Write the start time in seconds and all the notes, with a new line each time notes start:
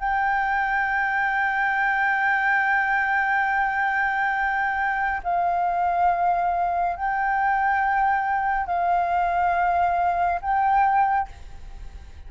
0.00 G5
5.24 F5
6.97 G5
8.67 F5
10.42 G5